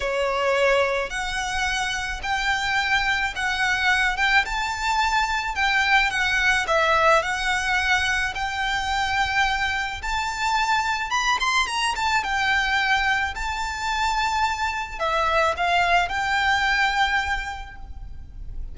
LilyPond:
\new Staff \with { instrumentName = "violin" } { \time 4/4 \tempo 4 = 108 cis''2 fis''2 | g''2 fis''4. g''8 | a''2 g''4 fis''4 | e''4 fis''2 g''4~ |
g''2 a''2 | b''8 c'''8 ais''8 a''8 g''2 | a''2. e''4 | f''4 g''2. | }